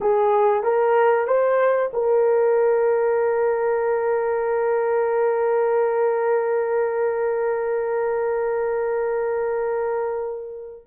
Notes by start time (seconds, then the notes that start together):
0.00 G#4
0.63 A#4
1.27 C5
1.93 A#4